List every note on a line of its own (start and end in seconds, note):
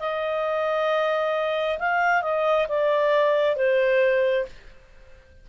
0.00 1.79 D#5
1.79 2.23 F5
2.23 2.67 D#5
2.69 3.57 D5
3.57 4.46 C5